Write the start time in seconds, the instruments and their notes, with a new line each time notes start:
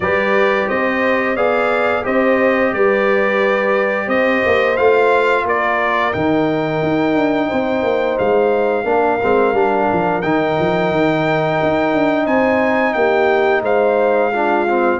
0.00 tuba G3, trombone G4, horn B4, trumpet D5
0.68 tuba C4, horn C5, trumpet D#5
1.35 tuba B3, trombone G#4, horn D5, trumpet F5
2.03 tuba C4, trombone G4, horn C5, trumpet D#5
2.72 tuba G3, horn B4, trumpet D5
4.07 tuba C4, horn C5, trumpet D#5
4.46 tuba A#3
4.76 tuba A3, trombone F4, trumpet F5
5.43 tuba A#3, horn A#4, trumpet D5
6.13 tuba D#3, trombone D#4, trumpet G5
6.82 tuba D#4
7.14 tuba D4
7.48 tuba C4, horn C5
7.82 tuba A#3
8.18 tuba G#3, trumpet F5
8.84 tuba A#3, trombone D4, horn A#4
9.22 tuba G#3, trombone C4
9.52 tuba G3, trombone D4
9.92 tuba F3
10.21 tuba D#3, trombone D#4, trumpet G5
10.59 tuba F3
10.91 tuba D#3
11.62 tuba D#4
11.93 tuba D4
12.25 tuba C4, horn C5, trumpet G#5
12.93 tuba A#3, horn G4, trumpet G5
13.61 tuba G#3, horn C5, trumpet F5
14.33 trombone D4, horn F4
14.67 trombone C4